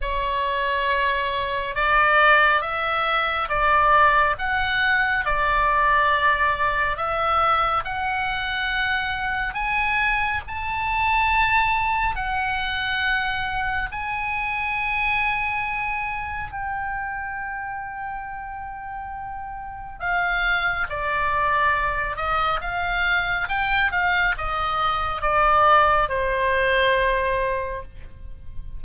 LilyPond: \new Staff \with { instrumentName = "oboe" } { \time 4/4 \tempo 4 = 69 cis''2 d''4 e''4 | d''4 fis''4 d''2 | e''4 fis''2 gis''4 | a''2 fis''2 |
gis''2. g''4~ | g''2. f''4 | d''4. dis''8 f''4 g''8 f''8 | dis''4 d''4 c''2 | }